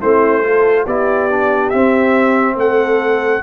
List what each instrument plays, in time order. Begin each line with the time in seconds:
0.00 tuba A3, trombone C4, horn E4, trumpet C5
0.43 trombone F4, horn A4
0.84 tuba B3, trombone E4, horn G4, trumpet D5
1.30 trombone D4
1.70 trombone C4, tuba C4, trumpet E5
2.56 tuba A3, horn A4, trumpet F#5